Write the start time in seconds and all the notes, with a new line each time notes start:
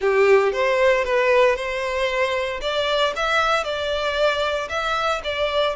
0.00 G4
0.52 C5
1.04 B4
1.56 C5
2.61 D5
3.15 E5
3.64 D5
4.69 E5
5.24 D5